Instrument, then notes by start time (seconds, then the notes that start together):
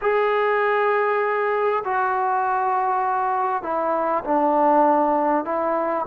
trombone
0.01 G#4
1.84 F#4
3.63 E4
4.24 D4
5.45 E4